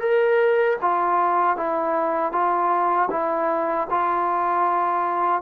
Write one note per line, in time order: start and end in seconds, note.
0.00 0.77 A#4
0.81 1.57 F4
1.57 2.32 E4
2.32 3.09 F4
3.10 3.87 E4
3.90 5.42 F4